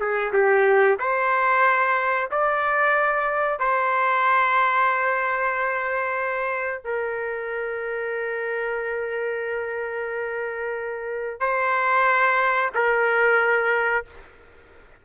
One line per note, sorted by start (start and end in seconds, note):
0.00 0.33 G#4
0.33 0.98 G4
1.00 2.30 C5
2.31 3.60 D5
3.60 6.84 C5
6.84 11.40 A#4
11.40 12.71 C5
12.75 14.05 A#4